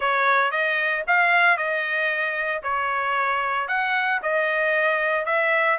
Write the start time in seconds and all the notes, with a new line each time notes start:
0.00 C#5
0.51 D#5
1.07 F5
1.57 D#5
2.62 C#5
3.67 F#5
4.22 D#5
5.25 E5